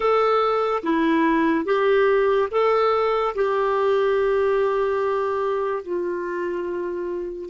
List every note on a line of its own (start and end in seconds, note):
0.00 0.82 A4
0.83 1.65 E4
1.65 2.48 G4
2.51 3.34 A4
3.35 5.83 G4
5.83 7.49 F4